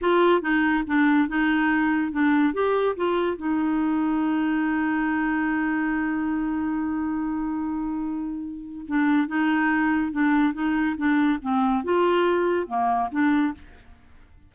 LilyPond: \new Staff \with { instrumentName = "clarinet" } { \time 4/4 \tempo 4 = 142 f'4 dis'4 d'4 dis'4~ | dis'4 d'4 g'4 f'4 | dis'1~ | dis'1~ |
dis'1~ | dis'4 d'4 dis'2 | d'4 dis'4 d'4 c'4 | f'2 ais4 d'4 | }